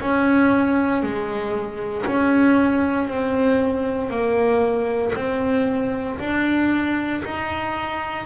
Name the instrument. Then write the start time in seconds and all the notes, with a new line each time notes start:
double bass
0.00 C#4
1.02 G#3
2.06 C#4
3.08 C4
4.10 A#3
5.15 C4
6.19 D4
7.24 D#4